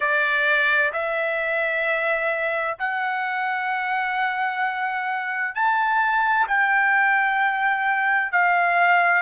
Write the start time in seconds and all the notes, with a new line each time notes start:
0.00 D5
0.92 E5
2.79 F#5
5.54 A5
6.47 G5
8.32 F5